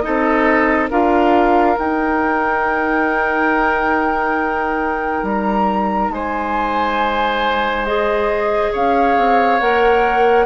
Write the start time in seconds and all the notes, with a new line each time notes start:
0.00 C4 D#4 A4 D#5
0.90 D4 F4 A#4 F5
1.76 D#4 G5
5.22 G3 A#5
6.09 G#3 C5 G#5
7.85 G#4 D#5
8.72 C#4 C#5 F5
9.17 C4
9.59 A#3 A#4 F#5